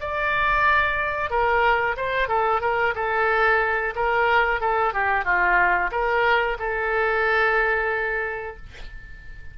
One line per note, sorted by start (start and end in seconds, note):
0.00 1.30 D5
1.30 1.96 A#4
1.96 2.28 C5
2.28 2.61 A4
2.61 2.94 A#4
2.95 3.94 A4
3.95 4.60 A#4
4.60 4.93 A4
4.93 5.24 G4
5.24 5.90 F4
5.91 6.57 A#4
6.59 8.57 A4